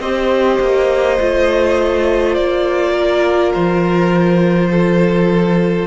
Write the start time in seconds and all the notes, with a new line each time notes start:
0.00 C4 G4 C5 D#5
0.60 A#3
1.20 A3 F4
2.35 A#3 D5
2.92 A#4
3.54 F3 C5
4.71 A4